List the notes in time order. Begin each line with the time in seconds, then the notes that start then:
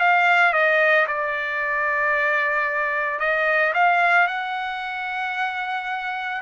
0.00 F5
0.53 D#5
1.08 D5
3.19 D#5
3.74 F5
4.28 F#5